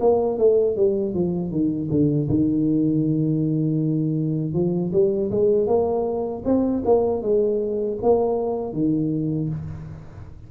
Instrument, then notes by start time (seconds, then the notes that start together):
tuba
0.00 A#3
0.38 A3
0.76 G3
1.14 F3
1.51 D#3
1.90 D3
2.29 D#3
4.53 F3
4.92 G3
5.31 G#3
5.67 A#3
6.45 C4
6.85 A#3
7.22 G#3
8.02 A#3
8.72 D#3